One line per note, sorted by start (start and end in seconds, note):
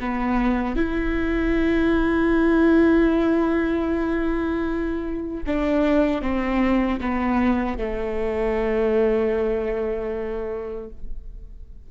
0.00 0.76 B3
0.76 5.44 E4
5.47 6.22 D4
6.22 7.00 C4
7.01 7.79 B3
7.79 10.90 A3